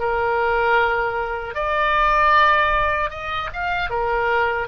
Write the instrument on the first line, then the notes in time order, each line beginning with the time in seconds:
oboe
0.00 A#4
1.55 D5
3.11 D#5
3.53 F5
3.91 A#4